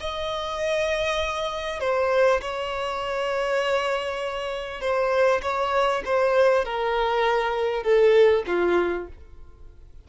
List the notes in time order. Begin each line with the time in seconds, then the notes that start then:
0.00 D#5
1.80 C5
2.41 C#5
4.80 C5
5.42 C#5
6.05 C5
6.65 A#4
7.83 A4
8.47 F4